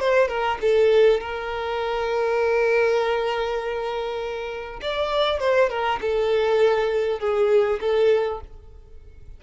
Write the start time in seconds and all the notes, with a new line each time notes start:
0.00 C5
0.28 A#4
0.62 A4
1.21 A#4
4.82 D5
5.40 C5
5.70 A#4
6.02 A4
7.20 G#4
7.81 A4